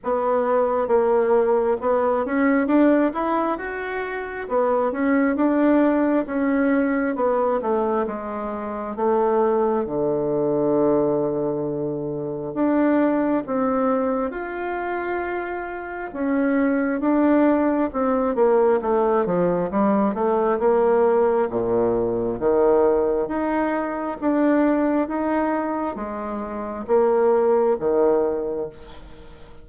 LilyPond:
\new Staff \with { instrumentName = "bassoon" } { \time 4/4 \tempo 4 = 67 b4 ais4 b8 cis'8 d'8 e'8 | fis'4 b8 cis'8 d'4 cis'4 | b8 a8 gis4 a4 d4~ | d2 d'4 c'4 |
f'2 cis'4 d'4 | c'8 ais8 a8 f8 g8 a8 ais4 | ais,4 dis4 dis'4 d'4 | dis'4 gis4 ais4 dis4 | }